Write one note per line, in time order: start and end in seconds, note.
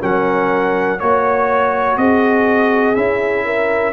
0.00 1.00 F#3
0.00 0.98 C#4
0.00 0.99 A#4
0.00 0.99 F#5
0.99 1.96 A#3
0.99 2.95 F#4
0.99 1.97 C#5
0.99 1.99 C#5
1.96 2.95 C4
1.96 3.44 G#4
1.96 2.95 D#5
2.95 3.93 C#4
2.95 3.93 E4
2.95 3.93 E5
3.44 3.93 A#4